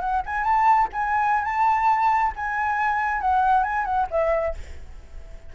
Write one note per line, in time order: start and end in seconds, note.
0.00 0.22 F#5
0.26 0.44 G#5
0.44 0.88 A5
0.92 1.44 G#5
1.44 2.32 A5
2.36 3.21 G#5
3.21 3.63 F#5
3.63 3.85 G#5
3.85 4.07 F#5
4.10 4.54 E5